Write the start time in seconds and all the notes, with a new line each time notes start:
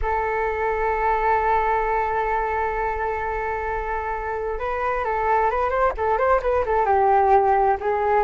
0.01 A4
4.58 B4
5.04 A4
5.50 B4
5.69 C5
5.97 A4
6.17 C5
6.41 B4
6.65 A4
6.85 G4
7.80 G#4